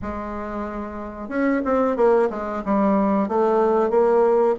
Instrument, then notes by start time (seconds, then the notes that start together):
bassoon
0.02 G#3
1.28 C#4
1.64 C4
1.96 A#3
2.30 G#3
2.65 G3
3.28 A3
3.90 A#3